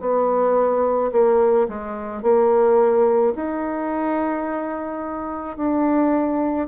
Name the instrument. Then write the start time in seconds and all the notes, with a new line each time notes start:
bassoon
0.00 B3
1.12 A#3
1.68 G#3
2.22 A#3
3.35 D#4
5.57 D4